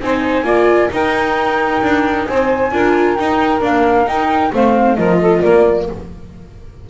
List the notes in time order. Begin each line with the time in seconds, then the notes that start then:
0.00 C4 D#4 C5 G#5
0.43 A#3 F4 D5
0.88 D#4 A#4 G5
1.82 D4
2.25 C4 C5 G#5
2.72 D4 F4 A#4
3.15 D#4 G5
3.59 A#3 D4 F5
4.06 D#4 G5
4.52 A3 C4 C5 F5
4.96 F3 F4 A#4 D#5
5.20 A4
5.40 A#3 A#4 D5